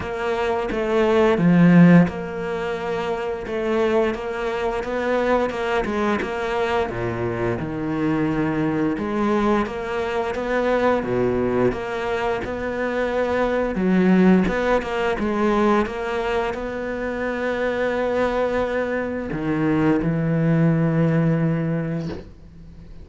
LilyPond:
\new Staff \with { instrumentName = "cello" } { \time 4/4 \tempo 4 = 87 ais4 a4 f4 ais4~ | ais4 a4 ais4 b4 | ais8 gis8 ais4 ais,4 dis4~ | dis4 gis4 ais4 b4 |
b,4 ais4 b2 | fis4 b8 ais8 gis4 ais4 | b1 | dis4 e2. | }